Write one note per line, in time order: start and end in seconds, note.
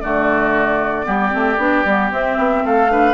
0.00 1.07 D3
0.00 1.04 A3
0.00 1.06 F#4
0.00 2.11 D5
1.04 1.33 G3
1.04 1.30 B3
1.04 2.64 G4
1.30 1.58 A3
1.30 1.56 C4
1.58 1.84 B3
1.58 1.85 D4
1.85 2.11 G3
1.85 2.11 B3
2.11 2.37 C4
2.11 2.89 C4
2.11 2.66 E5
2.38 2.64 B3
2.64 3.14 A3
2.64 2.91 A4
2.64 3.14 F5
2.89 3.14 D4
2.89 3.14 B4